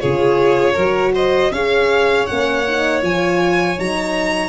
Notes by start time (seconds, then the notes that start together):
0.00 C#3 F4 G#4 C#5
0.74 F#3 F#4 A#4
1.14 C5 D#5
1.51 C#4 G#4 C#5 F5
2.26 A#3 C#4 F#5
2.67 D#4
3.02 F3 F4 G#5
3.76 F#3 D#4 A#5